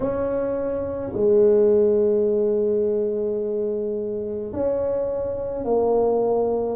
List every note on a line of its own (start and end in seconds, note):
0.00 1.12 C#4
1.13 4.53 G#3
4.53 5.64 C#4
5.64 6.76 A#3